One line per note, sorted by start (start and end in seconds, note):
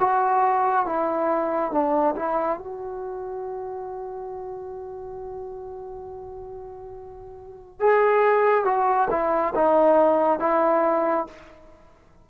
0.00 0.86 F#4
0.86 1.72 E4
1.72 2.15 D4
2.16 2.58 E4
2.58 7.80 F#4
7.80 8.65 G#4
8.65 9.08 F#4
9.10 9.54 E4
9.55 10.40 D#4
10.40 11.26 E4